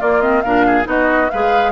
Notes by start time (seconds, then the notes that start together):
0.00 A#3 F4 D5
0.22 C4 D#5
0.42 A#2 D4 A#4 F5
0.67 G#4
0.85 B3 D#4 F#4 D#5
1.30 G#3 G#4 B4 F5